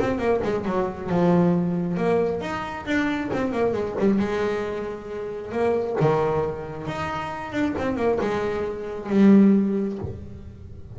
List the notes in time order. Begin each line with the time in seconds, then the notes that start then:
0.00 C4
0.19 A#3
0.44 G#3
0.65 F#3
1.10 F3
1.97 A#3
2.41 D#4
2.86 D4
3.33 C4
3.52 A#3
3.73 G#3
3.99 G3
4.19 G#3
5.52 A#3
6.00 D#3
6.87 D#4
7.52 D4
7.78 C4
7.97 A#3
8.21 G#3
9.10 G3